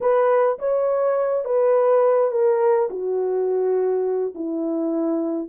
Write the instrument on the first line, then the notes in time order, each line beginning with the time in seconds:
horn
0.00 B4
0.58 C#5
1.44 B4
2.31 A#4
2.90 F#4
4.34 E4